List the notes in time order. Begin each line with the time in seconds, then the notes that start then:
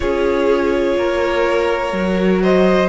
0.00 C#4 F4 G#4 C#5
0.97 A#3 A#4
1.92 F#3 F#4
2.42 C5 D#5